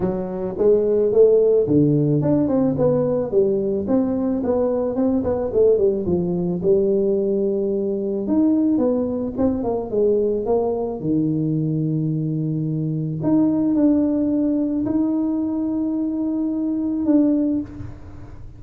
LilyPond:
\new Staff \with { instrumentName = "tuba" } { \time 4/4 \tempo 4 = 109 fis4 gis4 a4 d4 | d'8 c'8 b4 g4 c'4 | b4 c'8 b8 a8 g8 f4 | g2. dis'4 |
b4 c'8 ais8 gis4 ais4 | dis1 | dis'4 d'2 dis'4~ | dis'2. d'4 | }